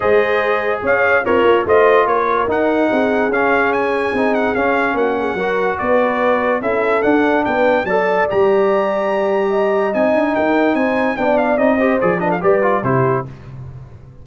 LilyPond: <<
  \new Staff \with { instrumentName = "trumpet" } { \time 4/4 \tempo 4 = 145 dis''2 f''4 cis''4 | dis''4 cis''4 fis''2 | f''4 gis''4. fis''8 f''4 | fis''2 d''2 |
e''4 fis''4 g''4 a''4 | ais''1 | gis''4 g''4 gis''4 g''8 f''8 | dis''4 d''8 dis''16 f''16 d''4 c''4 | }
  \new Staff \with { instrumentName = "horn" } { \time 4/4 c''2 cis''4 f'4 | c''4 ais'2 gis'4~ | gis'1 | fis'8 gis'8 ais'4 b'2 |
a'2 b'4 d''4~ | d''2. dis''4~ | dis''4 ais'4 c''4 d''4~ | d''8 c''4 b'16 a'16 b'4 g'4 | }
  \new Staff \with { instrumentName = "trombone" } { \time 4/4 gis'2. ais'4 | f'2 dis'2 | cis'2 dis'4 cis'4~ | cis'4 fis'2. |
e'4 d'2 a'4 | g'1 | dis'2. d'4 | dis'8 g'8 gis'8 d'8 g'8 f'8 e'4 | }
  \new Staff \with { instrumentName = "tuba" } { \time 4/4 gis2 cis'4 c'8 ais8 | a4 ais4 dis'4 c'4 | cis'2 c'4 cis'4 | ais4 fis4 b2 |
cis'4 d'4 b4 fis4 | g1 | c'8 d'8 dis'4 c'4 b4 | c'4 f4 g4 c4 | }
>>